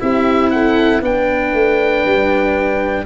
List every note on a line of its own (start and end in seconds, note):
0.00 1.02 C4
0.00 1.02 E4
0.00 0.52 G4
0.00 0.50 E5
0.50 1.02 A4
0.50 1.01 F#5
1.02 1.53 B3
1.02 3.05 D4
1.02 3.05 B4
1.02 3.06 G5
1.53 2.04 A3
2.05 3.06 G3